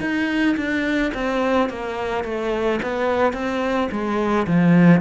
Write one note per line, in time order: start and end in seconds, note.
0.00 0.56 D#4
0.57 1.12 D4
1.14 1.69 C4
1.69 2.24 A#3
2.24 2.80 A3
2.82 3.33 B3
3.33 3.88 C4
3.91 4.46 G#3
4.47 5.01 F3